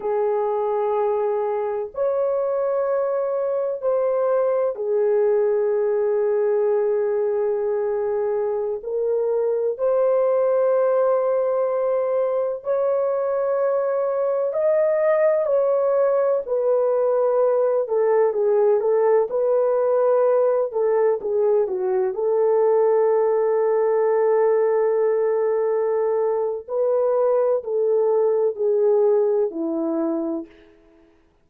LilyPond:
\new Staff \with { instrumentName = "horn" } { \time 4/4 \tempo 4 = 63 gis'2 cis''2 | c''4 gis'2.~ | gis'4~ gis'16 ais'4 c''4.~ c''16~ | c''4~ c''16 cis''2 dis''8.~ |
dis''16 cis''4 b'4. a'8 gis'8 a'16~ | a'16 b'4. a'8 gis'8 fis'8 a'8.~ | a'1 | b'4 a'4 gis'4 e'4 | }